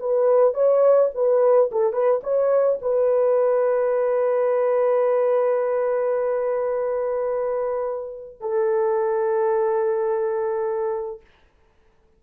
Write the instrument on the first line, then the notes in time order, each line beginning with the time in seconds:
horn
0.00 B4
0.55 C#5
1.15 B4
1.72 A4
1.93 B4
2.24 C#5
2.82 B4
8.41 A4